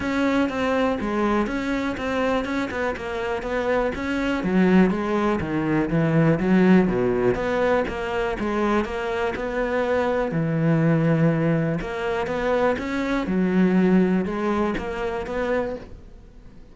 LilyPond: \new Staff \with { instrumentName = "cello" } { \time 4/4 \tempo 4 = 122 cis'4 c'4 gis4 cis'4 | c'4 cis'8 b8 ais4 b4 | cis'4 fis4 gis4 dis4 | e4 fis4 b,4 b4 |
ais4 gis4 ais4 b4~ | b4 e2. | ais4 b4 cis'4 fis4~ | fis4 gis4 ais4 b4 | }